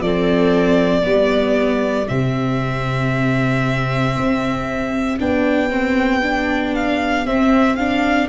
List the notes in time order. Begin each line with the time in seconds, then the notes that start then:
0.00 F3 C4 A4 D5
1.02 G3 B3 G4
2.08 C3 C4 E5
4.16 C4
5.19 B3 D4 G5
5.69 C4
6.22 D4
6.75 F5
7.26 C4 E5
7.75 D4 F5